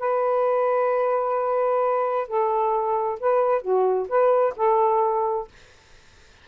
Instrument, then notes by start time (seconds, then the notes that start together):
saxophone
0.00 B4
2.28 A4
3.20 B4
3.62 F#4
4.09 B4
4.57 A4